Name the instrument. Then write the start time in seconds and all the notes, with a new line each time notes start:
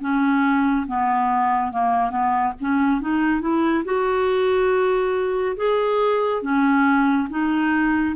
clarinet
0.00 C#4
0.87 B3
1.71 A#3
2.10 B3
2.60 C#4
3.00 D#4
3.41 E4
3.84 F#4
5.56 G#4
6.42 C#4
7.29 D#4